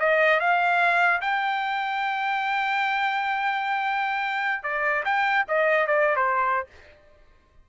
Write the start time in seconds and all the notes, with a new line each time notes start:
0.00 D#5
0.40 F5
1.22 G5
4.64 D5
5.05 G5
5.49 D#5
5.87 D5
6.17 C5